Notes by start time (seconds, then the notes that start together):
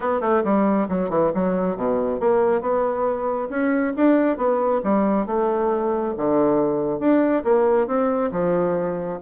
0.00 B3
0.21 A3
0.43 G3
0.89 F#3
1.09 E3
1.34 F#3
1.76 B2
2.20 A#3
2.61 B3
3.49 C#4
3.96 D4
4.37 B3
4.83 G3
5.26 A3
6.17 D3
6.99 D4
7.44 A#3
7.87 C4
8.31 F3